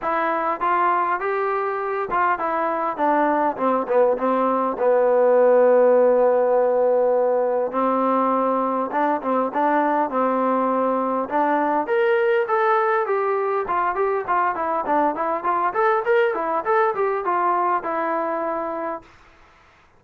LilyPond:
\new Staff \with { instrumentName = "trombone" } { \time 4/4 \tempo 4 = 101 e'4 f'4 g'4. f'8 | e'4 d'4 c'8 b8 c'4 | b1~ | b4 c'2 d'8 c'8 |
d'4 c'2 d'4 | ais'4 a'4 g'4 f'8 g'8 | f'8 e'8 d'8 e'8 f'8 a'8 ais'8 e'8 | a'8 g'8 f'4 e'2 | }